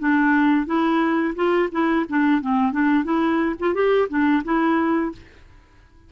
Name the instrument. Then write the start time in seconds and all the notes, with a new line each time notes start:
clarinet
0.00 D4
0.67 E4
1.36 F4
1.72 E4
2.09 D4
2.42 C4
2.73 D4
3.05 E4
3.60 F4
3.74 G4
4.09 D4
4.45 E4